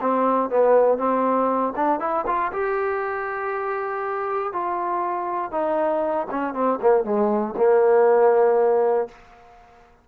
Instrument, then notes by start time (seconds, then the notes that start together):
trombone
0.00 C4
0.50 B3
0.97 C4
1.75 D4
1.99 E4
2.26 F4
2.52 G4
4.52 F4
5.51 D#4
6.30 C#4
6.53 C4
6.81 A#3
7.04 G#3
7.57 A#3